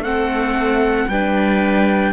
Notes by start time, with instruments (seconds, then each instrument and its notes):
0.00 cello A3, viola C4, clarinet A4, trumpet F#5
1.08 cello G3, viola D4, clarinet B4, trumpet G5